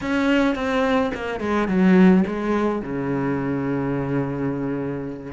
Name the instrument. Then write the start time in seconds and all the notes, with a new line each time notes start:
cello
0.01 C#4
0.55 C4
1.14 A#3
1.39 G#3
1.67 F#3
2.27 G#3
2.82 C#3